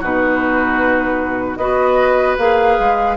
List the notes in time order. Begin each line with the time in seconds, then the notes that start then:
0.00 B2 D#4 F#4 B4
1.56 B3 F#4 B4 D#5
2.38 A#3 G#4 F5
2.79 G#3